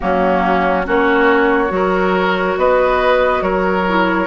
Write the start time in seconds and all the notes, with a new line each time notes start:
0.00 F#3 A#3 C#4 F#4
0.84 A#3 C#4 F#4 C#5
1.68 F#3 F#4
1.75 A#4
2.57 B3 B4 D#5
3.41 F#3 A#4 C#5
3.88 E4